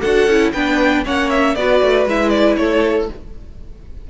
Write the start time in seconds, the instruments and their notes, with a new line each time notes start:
0.00 cello D4, viola F#4, violin A4 F#5
0.26 cello C#4, viola E4
0.53 cello B3, viola D4, violin B4 G5
1.05 cello A#3, viola C#4, violin C#5 F#5
1.30 violin E5
1.55 cello B3, viola F#4, violin B4 D5
1.82 cello A3
2.06 cello G#3, viola E4, violin E5
2.30 violin D5
2.57 cello A3, violin A4 C#5